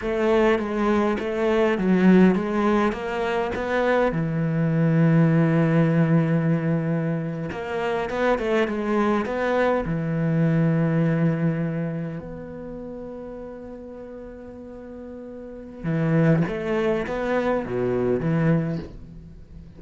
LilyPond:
\new Staff \with { instrumentName = "cello" } { \time 4/4 \tempo 4 = 102 a4 gis4 a4 fis4 | gis4 ais4 b4 e4~ | e1~ | e8. ais4 b8 a8 gis4 b16~ |
b8. e2.~ e16~ | e8. b2.~ b16~ | b2. e4 | a4 b4 b,4 e4 | }